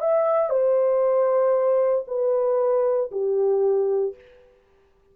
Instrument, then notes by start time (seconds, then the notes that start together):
horn
0.00 E5
0.49 C5
2.07 B4
3.11 G4